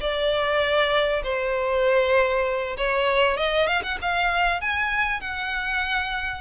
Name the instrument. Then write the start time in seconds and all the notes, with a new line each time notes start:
violin
0.00 D5
1.23 C5
2.77 C#5
3.36 D#5
3.67 F5
3.83 F#5
4.01 F5
4.61 G#5
5.20 F#5